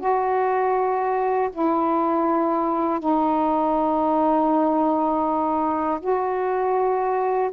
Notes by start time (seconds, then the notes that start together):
0.00 F#4
1.53 E4
3.00 D#4
6.01 F#4